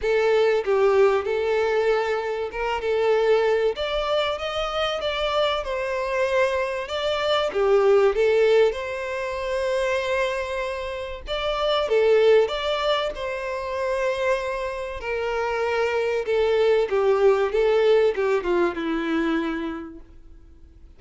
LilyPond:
\new Staff \with { instrumentName = "violin" } { \time 4/4 \tempo 4 = 96 a'4 g'4 a'2 | ais'8 a'4. d''4 dis''4 | d''4 c''2 d''4 | g'4 a'4 c''2~ |
c''2 d''4 a'4 | d''4 c''2. | ais'2 a'4 g'4 | a'4 g'8 f'8 e'2 | }